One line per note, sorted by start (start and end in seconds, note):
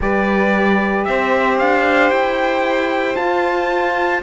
0.00 1.06 G3
0.00 3.16 G4
0.00 1.07 B4
0.00 1.04 D5
1.04 1.60 C4
1.04 4.22 C5
1.04 1.57 E5
1.58 2.10 D4
1.58 2.10 F5
2.10 3.15 E4
2.10 3.15 G5
3.15 4.21 F4
3.15 4.22 F4
3.15 4.20 A5